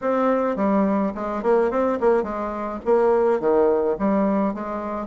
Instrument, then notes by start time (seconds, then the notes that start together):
bassoon
0.01 C4
0.56 G3
1.14 G#3
1.43 A#3
1.70 C4
2.00 A#3
2.23 G#3
2.85 A#3
3.40 D#3
3.98 G3
4.54 G#3